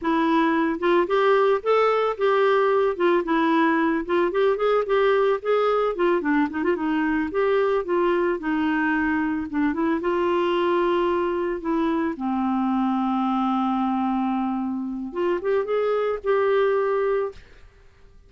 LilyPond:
\new Staff \with { instrumentName = "clarinet" } { \time 4/4 \tempo 4 = 111 e'4. f'8 g'4 a'4 | g'4. f'8 e'4. f'8 | g'8 gis'8 g'4 gis'4 f'8 d'8 | dis'16 f'16 dis'4 g'4 f'4 dis'8~ |
dis'4. d'8 e'8 f'4.~ | f'4. e'4 c'4.~ | c'1 | f'8 g'8 gis'4 g'2 | }